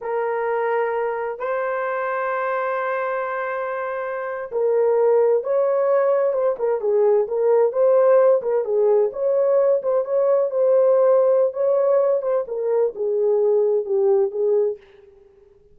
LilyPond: \new Staff \with { instrumentName = "horn" } { \time 4/4 \tempo 4 = 130 ais'2. c''4~ | c''1~ | c''4.~ c''16 ais'2 cis''16~ | cis''4.~ cis''16 c''8 ais'8 gis'4 ais'16~ |
ais'8. c''4. ais'8 gis'4 cis''16~ | cis''4~ cis''16 c''8 cis''4 c''4~ c''16~ | c''4 cis''4. c''8 ais'4 | gis'2 g'4 gis'4 | }